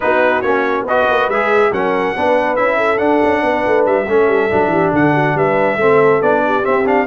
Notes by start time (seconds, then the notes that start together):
0.00 B3 D#4 F#4 B4
0.41 A#3 C#4 C#5
0.82 B3 B4 D#5
0.89 F#4
1.10 A#3
1.28 G#3 G#4 E5
1.71 F#3 C#4 A#4 F#5
2.15 B3 D4 B4
2.56 C#4 E4 E5
2.77 A4
2.98 D4 F#5
3.23 C#4
3.42 B3 B4
3.66 A3
3.86 G3 E5
4.07 A3 C#4 A4
4.27 G3
4.50 F#3 D4
4.67 E3 G4
4.92 D3 A4 F#5
5.13 F#4
5.34 G3 B4 E5
5.76 A3 C4 A4
6.22 B3 D4 D5
6.45 G4
6.63 C4 E5
6.85 D4 F5